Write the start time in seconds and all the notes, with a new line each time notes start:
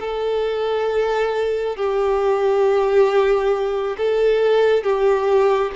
0.00 A4
1.76 G4
3.97 A4
4.84 G4